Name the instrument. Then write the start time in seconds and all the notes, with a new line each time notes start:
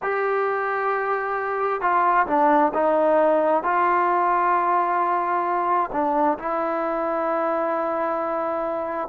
trombone
0.02 G4
1.81 F4
2.26 D4
2.74 D#4
3.63 F4
5.92 D4
6.38 E4